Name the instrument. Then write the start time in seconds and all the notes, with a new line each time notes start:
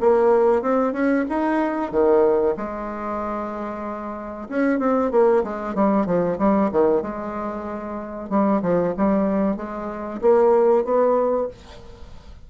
bassoon
0.00 A#3
0.62 C4
0.93 C#4
1.29 D#4
1.91 D#3
2.56 G#3
4.49 C#4
4.79 C4
5.11 A#3
5.43 G#3
5.74 G3
6.06 F3
6.38 G3
6.71 D#3
7.02 G#3
8.29 G3
8.62 F3
8.97 G3
9.56 G#3
10.21 A#3
10.84 B3